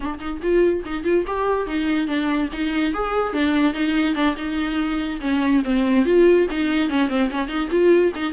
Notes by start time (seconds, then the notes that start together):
0.00 D4
0.19 D#4
0.42 F4
0.85 D#4
1.04 F4
1.27 G4
1.66 D#4
2.07 D4
2.52 D#4
2.93 G#4
3.33 D4
3.73 D#4
4.14 D4
4.36 D#4
5.21 C#4
5.64 C4
6.05 F4
6.50 D#4
6.89 C#4
7.08 C4
7.30 C#4
7.48 D#4
7.70 F4
8.15 D#4